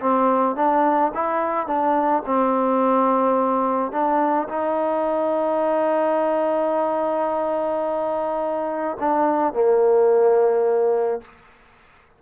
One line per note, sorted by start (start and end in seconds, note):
0.00 0.56 C4
0.56 1.12 D4
1.14 1.67 E4
1.67 2.23 D4
2.26 3.92 C4
3.92 4.48 D4
4.49 8.97 D#4
9.00 9.53 D4
9.53 11.21 A#3